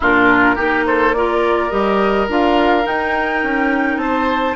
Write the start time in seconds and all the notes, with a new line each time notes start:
0.00 A#2 D4 F4 A#4
0.55 A#3 D#4 G4
0.86 A4 C5
1.13 F4 A#4 D5
1.70 G3 G4 D#5
2.28 D4 F4 F5
2.83 D#4 G5
3.43 C#4
3.96 C4 C5 A5